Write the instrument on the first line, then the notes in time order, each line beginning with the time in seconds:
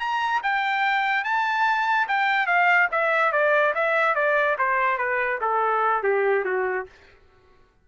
trumpet
0.00 A#5
0.43 G5
1.24 A5
2.08 G5
2.47 F5
2.92 E5
3.33 D5
3.75 E5
4.15 D5
4.59 C5
4.98 B4
5.41 A4
6.03 G4
6.45 F#4